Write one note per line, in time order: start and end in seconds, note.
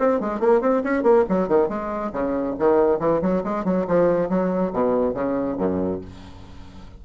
0.00 0.20 C4
0.20 0.40 G#3
0.40 0.61 A#3
0.61 0.83 C4
0.84 1.03 C#4
1.03 1.25 A#3
1.29 1.49 F#3
1.49 1.69 D#3
1.69 2.12 G#3
2.13 2.56 C#3
2.59 3.00 D#3
3.00 3.21 E3
3.22 3.44 F#3
3.44 3.65 G#3
3.65 3.87 F#3
3.88 4.30 F3
4.30 4.73 F#3
4.73 5.15 B2
5.15 5.58 C#3
5.59 6.02 F#2